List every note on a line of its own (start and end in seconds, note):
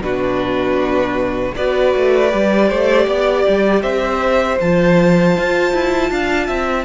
0.00 1.52 B2
0.00 1.54 D4
0.00 1.55 F#4
0.00 1.55 B4
1.55 1.95 B3
1.55 2.30 F#4
1.55 2.68 B4
1.55 3.82 D5
1.95 2.33 A3
2.30 2.71 G3
2.30 4.58 G4
2.68 3.06 A3
2.68 3.06 C5
3.06 3.44 B3
3.06 3.83 D5
3.48 3.82 G3
3.82 4.58 C4
3.82 6.10 C5
3.82 4.58 E5
4.60 5.37 F3
4.60 6.85 F4
4.60 6.85 A5
5.37 5.72 F4
5.72 6.10 E4
6.10 6.48 D4
6.10 6.47 F5
6.47 6.85 C4
6.47 6.84 E5